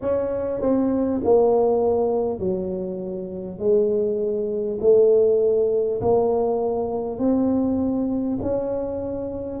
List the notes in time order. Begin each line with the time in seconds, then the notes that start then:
0.01 C#4
0.61 C4
1.23 A#3
2.39 F#3
3.58 G#3
4.81 A3
6.01 A#3
7.18 C4
8.42 C#4